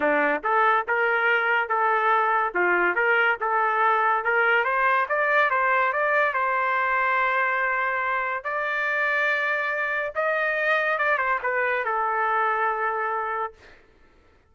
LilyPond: \new Staff \with { instrumentName = "trumpet" } { \time 4/4 \tempo 4 = 142 d'4 a'4 ais'2 | a'2 f'4 ais'4 | a'2 ais'4 c''4 | d''4 c''4 d''4 c''4~ |
c''1 | d''1 | dis''2 d''8 c''8 b'4 | a'1 | }